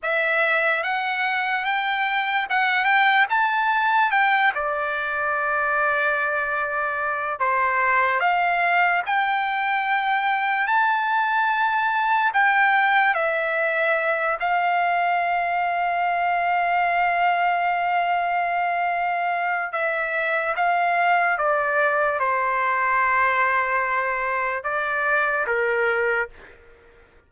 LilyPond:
\new Staff \with { instrumentName = "trumpet" } { \time 4/4 \tempo 4 = 73 e''4 fis''4 g''4 fis''8 g''8 | a''4 g''8 d''2~ d''8~ | d''4 c''4 f''4 g''4~ | g''4 a''2 g''4 |
e''4. f''2~ f''8~ | f''1 | e''4 f''4 d''4 c''4~ | c''2 d''4 ais'4 | }